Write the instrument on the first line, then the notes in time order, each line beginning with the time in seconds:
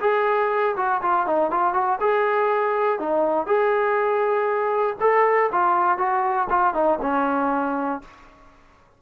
trombone
0.00 G#4
0.76 F#4
1.02 F4
1.26 D#4
1.50 F4
1.73 F#4
2.00 G#4
2.99 D#4
3.46 G#4
5.00 A4
5.52 F4
5.98 F#4
6.49 F4
6.74 D#4
7.01 C#4